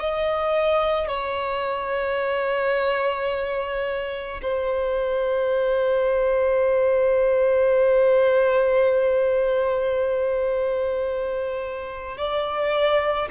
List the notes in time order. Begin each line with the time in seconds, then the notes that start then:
0.00 D#5
1.08 C#5
4.42 C5
12.18 D5